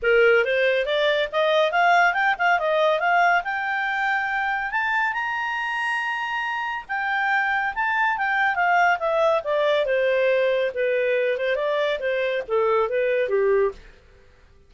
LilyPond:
\new Staff \with { instrumentName = "clarinet" } { \time 4/4 \tempo 4 = 140 ais'4 c''4 d''4 dis''4 | f''4 g''8 f''8 dis''4 f''4 | g''2. a''4 | ais''1 |
g''2 a''4 g''4 | f''4 e''4 d''4 c''4~ | c''4 b'4. c''8 d''4 | c''4 a'4 b'4 g'4 | }